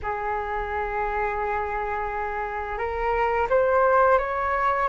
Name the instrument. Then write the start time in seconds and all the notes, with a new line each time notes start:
flute
0.02 G#4
2.77 A#4
3.49 C5
4.18 C#5